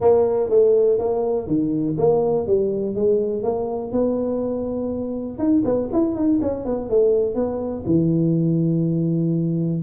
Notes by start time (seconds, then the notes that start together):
0.00 A#3
0.49 A3
0.98 A#3
1.47 D#3
1.97 A#3
2.46 G3
2.95 G#3
3.42 A#3
3.91 B3
5.38 D#4
5.64 B3
5.92 E4
6.15 D#4
6.41 C#4
6.65 B3
6.89 A3
7.34 B3
7.86 E3